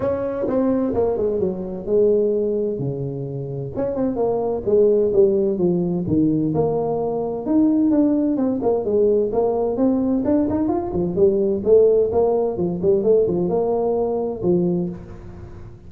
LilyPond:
\new Staff \with { instrumentName = "tuba" } { \time 4/4 \tempo 4 = 129 cis'4 c'4 ais8 gis8 fis4 | gis2 cis2 | cis'8 c'8 ais4 gis4 g4 | f4 dis4 ais2 |
dis'4 d'4 c'8 ais8 gis4 | ais4 c'4 d'8 dis'8 f'8 f8 | g4 a4 ais4 f8 g8 | a8 f8 ais2 f4 | }